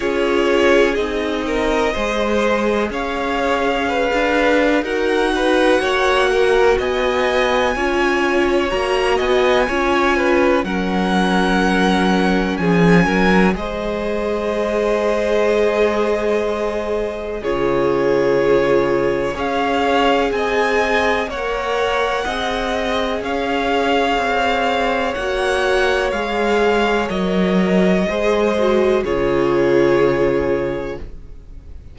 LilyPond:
<<
  \new Staff \with { instrumentName = "violin" } { \time 4/4 \tempo 4 = 62 cis''4 dis''2 f''4~ | f''4 fis''2 gis''4~ | gis''4 ais''8 gis''4. fis''4~ | fis''4 gis''4 dis''2~ |
dis''2 cis''2 | f''4 gis''4 fis''2 | f''2 fis''4 f''4 | dis''2 cis''2 | }
  \new Staff \with { instrumentName = "violin" } { \time 4/4 gis'4. ais'8 c''4 cis''4 | b'4 ais'8 b'8 cis''8 ais'8 dis''4 | cis''4. dis''8 cis''8 b'8 ais'4~ | ais'4 gis'8 ais'8 c''2~ |
c''2 gis'2 | cis''4 dis''4 cis''4 dis''4 | cis''1~ | cis''4 c''4 gis'2 | }
  \new Staff \with { instrumentName = "viola" } { \time 4/4 f'4 dis'4 gis'2~ | gis'4 fis'2. | f'4 fis'4 f'4 cis'4~ | cis'2 gis'2~ |
gis'2 f'2 | gis'2 ais'4 gis'4~ | gis'2 fis'4 gis'4 | ais'4 gis'8 fis'8 f'2 | }
  \new Staff \with { instrumentName = "cello" } { \time 4/4 cis'4 c'4 gis4 cis'4~ | cis'16 d'8. dis'4 ais4 b4 | cis'4 ais8 b8 cis'4 fis4~ | fis4 f8 fis8 gis2~ |
gis2 cis2 | cis'4 c'4 ais4 c'4 | cis'4 c'4 ais4 gis4 | fis4 gis4 cis2 | }
>>